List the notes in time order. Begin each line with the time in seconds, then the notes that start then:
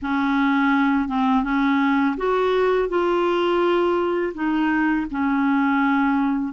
0.02 C#4
1.08 C4
1.43 C#4
2.17 F#4
2.88 F4
4.34 D#4
5.11 C#4